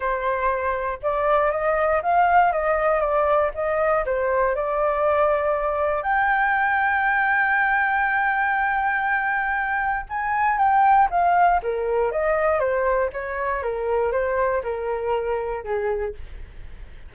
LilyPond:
\new Staff \with { instrumentName = "flute" } { \time 4/4 \tempo 4 = 119 c''2 d''4 dis''4 | f''4 dis''4 d''4 dis''4 | c''4 d''2. | g''1~ |
g''1 | gis''4 g''4 f''4 ais'4 | dis''4 c''4 cis''4 ais'4 | c''4 ais'2 gis'4 | }